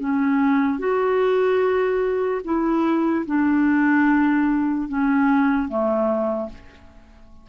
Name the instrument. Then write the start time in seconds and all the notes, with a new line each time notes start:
clarinet
0.00 C#4
0.79 F#4
2.45 E4
3.27 D4
4.89 C#4
5.69 A3